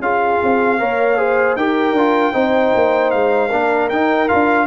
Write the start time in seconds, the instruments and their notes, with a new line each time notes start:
0.00 tuba C#4, trombone F4, horn G#4, trumpet F5
0.43 tuba C4
0.79 tuba A#3, trombone A#4, horn C#5
1.18 trombone G#4, horn C5
1.56 tuba D#4, trombone G4, horn A#4, trumpet G5
1.93 tuba D4, trombone F4
2.33 tuba C4, trombone D#4, horn C5
2.75 tuba A#3
3.11 tuba G#3, trumpet F5
3.50 tuba A#3, trombone D4, horn A#4
3.90 tuba D#4, trombone D#4, trumpet G5
4.29 tuba D4, trombone F4, trumpet F5